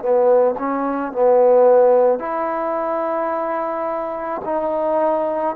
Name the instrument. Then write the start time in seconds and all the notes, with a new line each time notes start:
trombone
0.00 B3
0.59 C#4
1.13 B3
2.19 E4
4.45 D#4